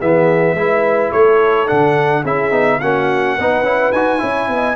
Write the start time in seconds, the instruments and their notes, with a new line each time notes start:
0.00 tuba E3, trombone B3, horn G#4, trumpet E5
0.54 tuba G#3, trombone E4, horn B4
1.12 tuba A3, horn A4, trumpet C#5
1.67 tuba D3, trombone D4, trumpet F#5
2.23 tuba C#4, trombone E4, horn G#4, trumpet E5
2.52 tuba B3, trombone D#4
2.81 tuba A#3, trombone C#4, horn F#4, trumpet F#5
3.38 tuba B3, trombone D#4, horn B4
3.62 tuba C#4, trombone E4
3.93 tuba D#4, trombone F#4, trumpet G#5
4.19 tuba C#4, trombone E4, horn C#5
4.48 tuba B3, horn D#5